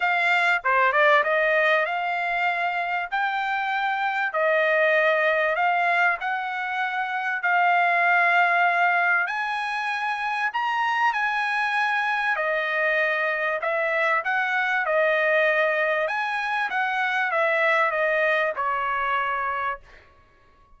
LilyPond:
\new Staff \with { instrumentName = "trumpet" } { \time 4/4 \tempo 4 = 97 f''4 c''8 d''8 dis''4 f''4~ | f''4 g''2 dis''4~ | dis''4 f''4 fis''2 | f''2. gis''4~ |
gis''4 ais''4 gis''2 | dis''2 e''4 fis''4 | dis''2 gis''4 fis''4 | e''4 dis''4 cis''2 | }